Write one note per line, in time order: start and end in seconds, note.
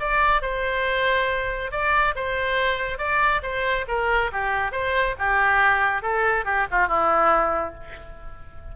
0.00 0.42 D5
0.42 1.72 C5
1.72 2.15 D5
2.16 2.98 C5
2.98 3.42 D5
3.43 3.86 C5
3.88 4.31 A#4
4.33 4.72 G4
4.72 5.15 C5
5.19 6.02 G4
6.02 6.45 A4
6.45 6.67 G4
6.71 6.88 F4
6.88 7.74 E4